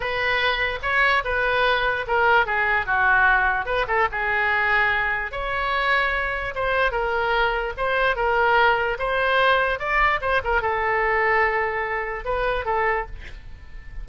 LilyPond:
\new Staff \with { instrumentName = "oboe" } { \time 4/4 \tempo 4 = 147 b'2 cis''4 b'4~ | b'4 ais'4 gis'4 fis'4~ | fis'4 b'8 a'8 gis'2~ | gis'4 cis''2. |
c''4 ais'2 c''4 | ais'2 c''2 | d''4 c''8 ais'8 a'2~ | a'2 b'4 a'4 | }